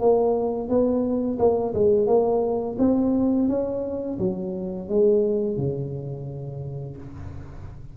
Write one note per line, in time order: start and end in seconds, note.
0.00 0.68 A#3
0.68 1.38 B3
1.39 1.73 A#3
1.74 2.07 G#3
2.07 2.77 A#3
2.78 3.48 C4
3.48 4.18 C#4
4.19 4.88 F#3
4.89 5.57 G#3
5.57 6.96 C#3